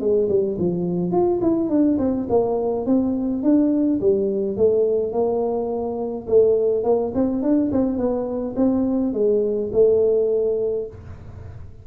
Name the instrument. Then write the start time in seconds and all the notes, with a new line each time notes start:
tuba
0.00 G#3
0.29 G3
0.58 F3
1.11 F4
1.42 E4
1.69 D4
1.98 C4
2.29 A#3
2.86 C4
3.43 D4
4.01 G3
4.57 A3
5.12 A#3
6.27 A3
6.84 A#3
7.14 C4
7.42 D4
7.72 C4
7.98 B3
8.56 C4
9.13 G#3
9.72 A3